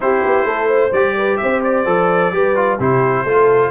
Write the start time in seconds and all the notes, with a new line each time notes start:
0.00 C4 E4 G4 C5
0.25 B3
0.44 A3 A4
0.67 C5
0.92 G3 G4 D5
1.17 B4
1.37 C4 C5 E5
1.63 D5
1.85 F3 A4
2.32 G3 G4 B4
2.55 F4
2.78 C3 E4 G4 C5
3.23 A3 F4 A4